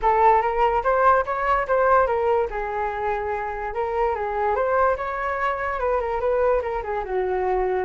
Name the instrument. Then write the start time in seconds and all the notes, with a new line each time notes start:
flute
0.02 A4
0.41 A#4
0.83 C5
1.25 C#5
1.67 C5
2.06 A#4
2.50 G#4
3.74 A#4
4.15 G#4
4.55 C5
4.97 C#5
5.79 B4
6.00 A#4
6.20 B4
6.62 A#4
6.83 G#4
7.04 F#4